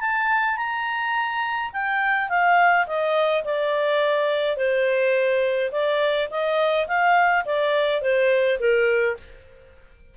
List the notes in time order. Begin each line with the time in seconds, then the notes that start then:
0.00 A5
0.56 A#5
1.72 G5
2.29 F5
2.86 D#5
3.44 D5
4.56 C5
5.71 D5
6.30 D#5
6.87 F5
7.45 D5
8.01 C5
8.59 A#4